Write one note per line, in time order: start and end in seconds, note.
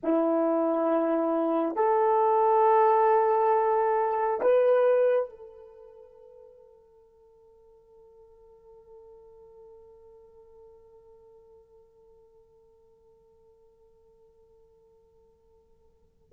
0.03 1.75 E4
1.75 4.40 A4
4.41 5.29 B4
5.29 16.32 A4